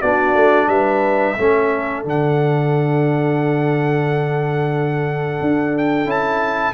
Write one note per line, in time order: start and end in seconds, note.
0.00 0.34 B3
0.00 1.37 D4
0.00 0.67 F#4
0.00 0.68 D5
0.34 0.67 A3
0.67 1.35 G3
0.67 1.36 B4
0.67 2.03 E5
1.38 2.05 A3
1.38 2.05 C#4
1.38 6.73 A4
2.05 5.41 D3
2.05 6.06 D4
2.05 5.78 F#5
5.41 6.05 D4
5.78 6.10 G5
6.05 6.73 C#4
6.05 6.73 E4
6.05 6.73 A5